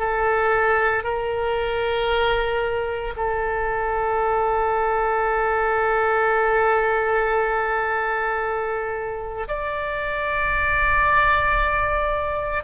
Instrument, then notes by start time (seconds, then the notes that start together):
oboe
0.00 A4
1.04 A#4
3.17 A4
9.48 D5